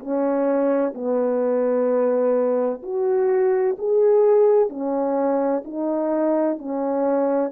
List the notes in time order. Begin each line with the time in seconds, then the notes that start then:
0.00 C#4
0.95 B3
2.83 F#4
3.78 G#4
4.70 C#4
5.65 D#4
6.58 C#4